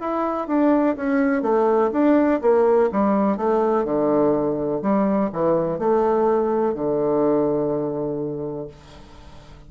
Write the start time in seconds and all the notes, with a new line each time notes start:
0.00 E4
0.48 D4
0.96 C#4
1.42 A3
1.92 D4
2.41 A#3
2.92 G3
3.37 A3
3.84 D3
4.82 G3
5.33 E3
5.78 A3
6.74 D3